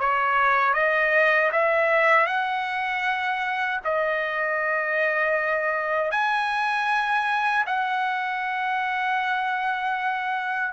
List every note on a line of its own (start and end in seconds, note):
0.00 0.74 C#5
0.74 1.51 D#5
1.52 2.27 E5
2.27 3.81 F#5
3.85 6.12 D#5
6.12 7.65 G#5
7.67 10.74 F#5